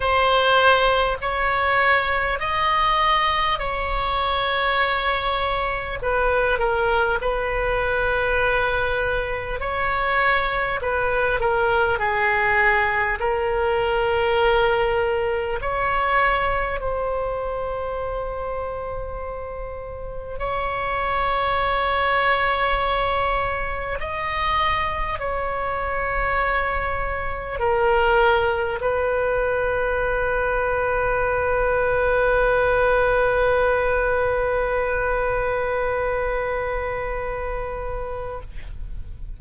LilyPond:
\new Staff \with { instrumentName = "oboe" } { \time 4/4 \tempo 4 = 50 c''4 cis''4 dis''4 cis''4~ | cis''4 b'8 ais'8 b'2 | cis''4 b'8 ais'8 gis'4 ais'4~ | ais'4 cis''4 c''2~ |
c''4 cis''2. | dis''4 cis''2 ais'4 | b'1~ | b'1 | }